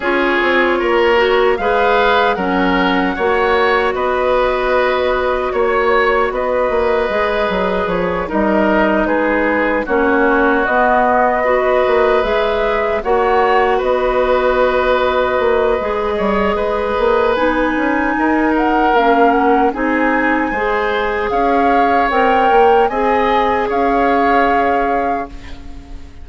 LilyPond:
<<
  \new Staff \with { instrumentName = "flute" } { \time 4/4 \tempo 4 = 76 cis''2 f''4 fis''4~ | fis''4 dis''2 cis''4 | dis''2 cis''8 dis''4 b'8~ | b'8 cis''4 dis''2 e''8~ |
e''8 fis''4 dis''2~ dis''8~ | dis''2 gis''4. fis''8 | f''8 fis''8 gis''2 f''4 | g''4 gis''4 f''2 | }
  \new Staff \with { instrumentName = "oboe" } { \time 4/4 gis'4 ais'4 b'4 ais'4 | cis''4 b'2 cis''4 | b'2~ b'8 ais'4 gis'8~ | gis'8 fis'2 b'4.~ |
b'8 cis''4 b'2~ b'8~ | b'8 cis''8 b'2 ais'4~ | ais'4 gis'4 c''4 cis''4~ | cis''4 dis''4 cis''2 | }
  \new Staff \with { instrumentName = "clarinet" } { \time 4/4 f'4. fis'8 gis'4 cis'4 | fis'1~ | fis'4 gis'4. dis'4.~ | dis'8 cis'4 b4 fis'4 gis'8~ |
gis'8 fis'2.~ fis'8 | gis'2 dis'2 | cis'4 dis'4 gis'2 | ais'4 gis'2. | }
  \new Staff \with { instrumentName = "bassoon" } { \time 4/4 cis'8 c'8 ais4 gis4 fis4 | ais4 b2 ais4 | b8 ais8 gis8 fis8 f8 g4 gis8~ | gis8 ais4 b4. ais8 gis8~ |
gis8 ais4 b2 ais8 | gis8 g8 gis8 ais8 b8 cis'8 dis'4 | ais4 c'4 gis4 cis'4 | c'8 ais8 c'4 cis'2 | }
>>